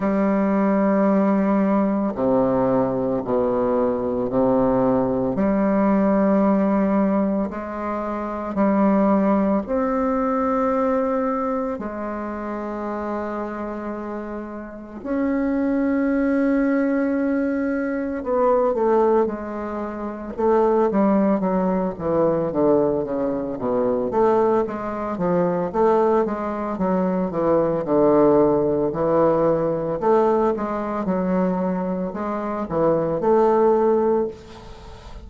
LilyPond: \new Staff \with { instrumentName = "bassoon" } { \time 4/4 \tempo 4 = 56 g2 c4 b,4 | c4 g2 gis4 | g4 c'2 gis4~ | gis2 cis'2~ |
cis'4 b8 a8 gis4 a8 g8 | fis8 e8 d8 cis8 b,8 a8 gis8 f8 | a8 gis8 fis8 e8 d4 e4 | a8 gis8 fis4 gis8 e8 a4 | }